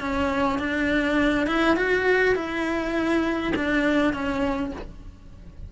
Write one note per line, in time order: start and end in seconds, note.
0.00 0.59 C#4
0.59 1.47 D4
1.47 1.76 E4
1.76 2.35 F#4
2.35 3.53 E4
3.55 4.13 D4
4.13 4.72 C#4